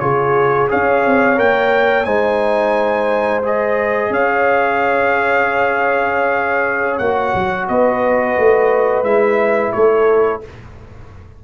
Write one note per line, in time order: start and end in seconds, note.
0.00 0.69 C#3
0.00 0.68 F4
0.00 0.71 G#4
0.00 0.68 C#5
0.68 1.06 C#4
0.68 1.37 G#4
0.68 2.07 C#5
0.68 1.39 F5
1.06 1.40 C4
1.37 2.06 A#3
1.37 2.05 A#4
1.37 2.05 G5
2.05 4.10 G#3
2.05 3.43 D#4
2.05 4.11 C5
2.05 3.41 G#5
3.44 7.02 G#4
3.44 4.13 D#5
4.10 7.00 C#4
4.10 7.70 C#5
4.10 6.98 F5
6.98 7.34 A#3
6.98 9.05 F#4
6.98 7.66 F#5
7.35 7.69 F#3
7.68 8.37 B3
7.68 9.74 B4
7.68 9.04 D#5
8.38 9.04 A3
9.04 9.72 G#3
9.04 10.41 E4
9.04 9.72 E5
9.72 10.44 A3
9.72 10.44 A4
9.72 10.41 C#5